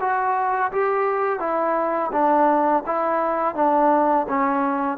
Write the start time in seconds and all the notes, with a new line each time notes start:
0.00 F#4
0.72 G4
1.39 E4
2.12 D4
2.86 E4
3.55 D4
4.29 C#4